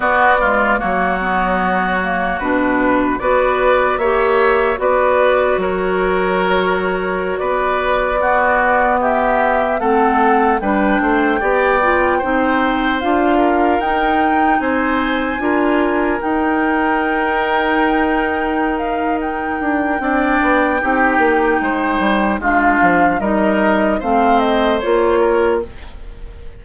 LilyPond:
<<
  \new Staff \with { instrumentName = "flute" } { \time 4/4 \tempo 4 = 75 d''4 cis''2 b'4 | d''4 e''4 d''4 cis''4~ | cis''4~ cis''16 d''2 e''8.~ | e''16 fis''4 g''2~ g''8.~ |
g''16 f''4 g''4 gis''4.~ gis''16~ | gis''16 g''2.~ g''16 f''8 | g''1 | f''4 dis''4 f''8 dis''8 cis''4 | }
  \new Staff \with { instrumentName = "oboe" } { \time 4/4 fis'8 f'8 fis'2. | b'4 cis''4 b'4 ais'4~ | ais'4~ ais'16 b'4 fis'4 g'8.~ | g'16 a'4 b'8 c''8 d''4 c''8.~ |
c''8. ais'4. c''4 ais'8.~ | ais'1~ | ais'4 d''4 g'4 c''4 | f'4 ais'4 c''4. ais'8 | }
  \new Staff \with { instrumentName = "clarinet" } { \time 4/4 b8 gis8 ais8 b4 ais8 d'4 | fis'4 g'4 fis'2~ | fis'2~ fis'16 b4.~ b16~ | b16 c'4 d'4 g'8 f'8 dis'8.~ |
dis'16 f'4 dis'2 f'8.~ | f'16 dis'2.~ dis'8.~ | dis'4 d'4 dis'2 | d'4 dis'4 c'4 f'4 | }
  \new Staff \with { instrumentName = "bassoon" } { \time 4/4 b4 fis2 b,4 | b4 ais4 b4 fis4~ | fis4~ fis16 b2~ b8.~ | b16 a4 g8 a8 b4 c'8.~ |
c'16 d'4 dis'4 c'4 d'8.~ | d'16 dis'2.~ dis'8.~ | dis'8 d'8 c'8 b8 c'8 ais8 gis8 g8 | gis8 f8 g4 a4 ais4 | }
>>